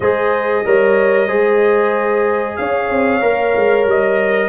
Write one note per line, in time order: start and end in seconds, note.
0.00 0.64 G#3
0.00 0.65 G#4
0.00 0.65 C5
0.00 2.56 D#5
0.65 1.28 G3
0.65 1.28 A#4
0.65 1.27 C#5
1.27 2.57 G#3
1.27 3.21 G#4
1.27 2.56 C5
2.56 2.89 C#4
2.56 4.48 C#5
2.56 3.85 F5
2.89 3.22 C4
3.21 3.54 A#3
3.21 4.48 A#4
3.55 3.86 G#3
3.86 4.48 G3
3.86 4.48 D#5